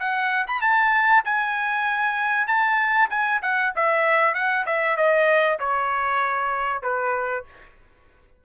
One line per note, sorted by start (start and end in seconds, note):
0.00 0.46 F#5
0.48 0.62 B5
0.62 1.23 A5
1.25 2.47 G#5
2.47 3.09 A5
3.10 3.41 G#5
3.42 3.73 F#5
3.76 4.34 E5
4.34 4.65 F#5
4.66 4.97 E5
4.97 5.59 D#5
5.60 6.83 C#5
6.83 7.45 B4